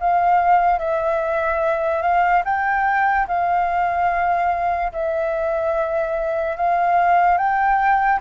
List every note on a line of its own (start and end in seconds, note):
0.00 0.79 F5
0.79 2.02 E5
2.02 2.43 F5
2.45 3.27 G5
3.28 4.92 F5
4.92 6.57 E5
6.57 7.37 F5
7.37 8.20 G5